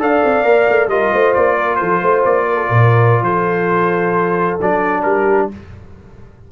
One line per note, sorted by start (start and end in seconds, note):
0.00 0.23 D4
0.00 0.44 A4
0.00 0.91 D5
0.00 0.89 F5
0.24 0.44 C4
0.44 0.67 A#3
0.44 0.89 A#4
0.69 0.88 A3
0.88 1.10 G3
0.88 4.60 F4
0.88 1.12 A#4
0.88 1.34 D#5
1.12 1.36 A3
1.12 1.57 C5
1.34 1.80 A#3
1.34 1.76 D5
1.57 1.79 A#4
1.76 2.02 F3
1.76 2.01 A4
1.76 2.21 C5
2.01 2.24 A3
2.01 2.46 C5
2.25 2.70 A#3
2.25 3.24 D5
2.48 2.56 A#4
2.56 2.68 A4
2.68 3.22 A#2
2.68 3.24 A#4
3.22 4.56 F3
3.22 5.04 A4
3.22 4.58 C5
4.61 5.05 F#3
4.61 5.51 D4
4.61 5.03 D5
5.03 5.49 G3
5.03 5.52 G4
5.03 5.48 A#4